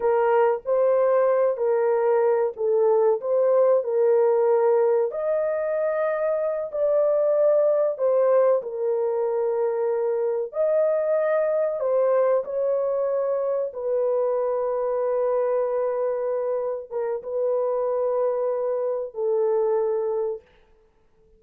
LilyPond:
\new Staff \with { instrumentName = "horn" } { \time 4/4 \tempo 4 = 94 ais'4 c''4. ais'4. | a'4 c''4 ais'2 | dis''2~ dis''8 d''4.~ | d''8 c''4 ais'2~ ais'8~ |
ais'8 dis''2 c''4 cis''8~ | cis''4. b'2~ b'8~ | b'2~ b'8 ais'8 b'4~ | b'2 a'2 | }